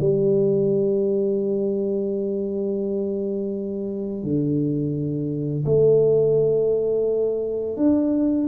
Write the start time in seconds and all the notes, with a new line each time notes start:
0.00 G3
4.23 D3
5.65 A3
7.77 D4